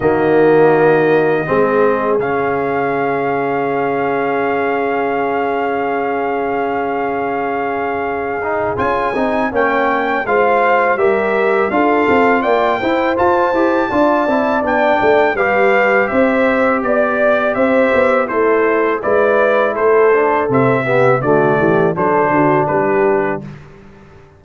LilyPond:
<<
  \new Staff \with { instrumentName = "trumpet" } { \time 4/4 \tempo 4 = 82 dis''2. f''4~ | f''1~ | f''1 | gis''4 g''4 f''4 e''4 |
f''4 g''4 a''2 | g''4 f''4 e''4 d''4 | e''4 c''4 d''4 c''4 | e''4 d''4 c''4 b'4 | }
  \new Staff \with { instrumentName = "horn" } { \time 4/4 fis'2 gis'2~ | gis'1~ | gis'1~ | gis'4 cis''4 c''4 ais'4 |
a'4 d''8 c''4. d''4~ | d''4 b'4 c''4 d''4 | c''4 e'4 b'4 a'4~ | a'8 g'8 fis'8 g'8 a'8 fis'8 g'4 | }
  \new Staff \with { instrumentName = "trombone" } { \time 4/4 ais2 c'4 cis'4~ | cis'1~ | cis'2.~ cis'8 dis'8 | f'8 dis'8 cis'4 f'4 g'4 |
f'4. e'8 f'8 g'8 f'8 e'8 | d'4 g'2.~ | g'4 a'4 e'4. d'8 | c'8 b8 a4 d'2 | }
  \new Staff \with { instrumentName = "tuba" } { \time 4/4 dis2 gis4 cis4~ | cis1~ | cis1 | cis'8 c'8 ais4 gis4 g4 |
d'8 c'8 ais8 e'8 f'8 e'8 d'8 c'8 | b8 a8 g4 c'4 b4 | c'8 b8 a4 gis4 a4 | c4 d8 e8 fis8 d8 g4 | }
>>